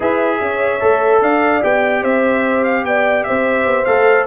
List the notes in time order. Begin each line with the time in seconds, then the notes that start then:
0.00 E4 G#4 B4 E5
0.40 C#4 C#5
0.80 A3 A4
1.21 D4 D5 F5
1.60 B3 G4 G5
2.02 C4 C5 E5
2.64 F5
2.84 B3 D5 G5
3.23 C4 C5 E5
3.65 B3
3.84 A3 A4 F5